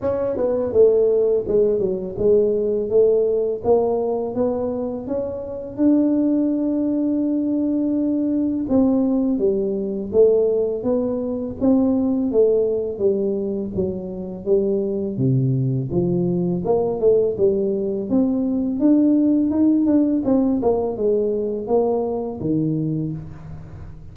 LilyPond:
\new Staff \with { instrumentName = "tuba" } { \time 4/4 \tempo 4 = 83 cis'8 b8 a4 gis8 fis8 gis4 | a4 ais4 b4 cis'4 | d'1 | c'4 g4 a4 b4 |
c'4 a4 g4 fis4 | g4 c4 f4 ais8 a8 | g4 c'4 d'4 dis'8 d'8 | c'8 ais8 gis4 ais4 dis4 | }